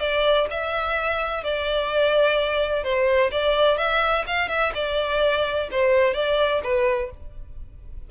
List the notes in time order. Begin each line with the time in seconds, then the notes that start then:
0.00 D5
0.50 E5
1.44 D5
2.83 C5
3.31 D5
3.78 E5
4.27 F5
4.49 E5
4.74 D5
5.71 C5
6.14 D5
6.63 B4